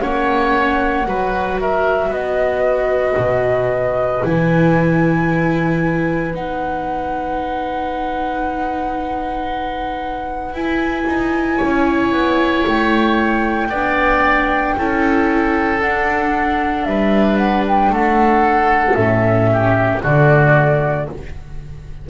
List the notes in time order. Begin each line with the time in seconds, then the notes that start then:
0.00 A#3 C#4 C#5 F#5
1.06 F#3 F#4 B4
1.61 A#4 E5
2.08 B3 B4 D#5
3.17 B2
4.23 E3 E4 G#5
6.34 B3 D#4 F#5
10.53 E4 G#5
11.07 D#4
11.57 C#4 C#5
12.12 B3
12.67 A3 G5
13.70 B3 D4 D5
14.77 C#4 E4 A4
15.81 D4 F#5
16.84 G3 B4 E5
17.37 F#5
17.68 G5
17.90 A3 A4 F#5
18.95 A2 C#4 E5
19.53 G4
20.03 D3 A3 F#4 D5